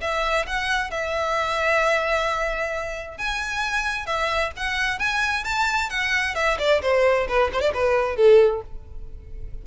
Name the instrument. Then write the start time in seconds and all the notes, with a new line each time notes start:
violin
0.00 E5
0.46 F#5
0.90 E5
3.18 G#5
4.06 E5
4.56 F#5
4.99 G#5
5.44 A5
5.89 F#5
6.35 E5
6.58 D5
6.81 C5
7.28 B4
7.53 C5
7.60 D5
7.74 B4
8.16 A4